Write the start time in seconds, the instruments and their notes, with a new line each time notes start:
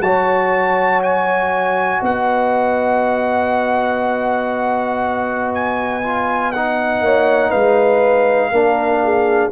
0.00 tuba F#3, trombone F#4, horn C#5, trumpet A5
1.03 trumpet G#5
1.99 tuba B3, horn D#5, trumpet F#5
5.54 trumpet G#5
6.03 trombone F4
6.52 trombone D#4, trumpet F#5
7.01 tuba A#3, horn C#5
7.49 tuba G#3, horn B4, trumpet F5
8.51 tuba A#3, trombone D4, horn A#4
9.04 horn G#4